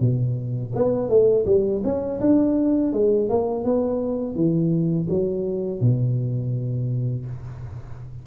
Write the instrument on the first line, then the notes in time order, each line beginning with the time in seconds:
tuba
0.00 B2
0.75 B3
1.09 A3
1.46 G3
1.84 C#4
2.20 D4
2.93 G#3
3.29 A#3
3.64 B3
4.35 E3
5.09 F#3
5.81 B2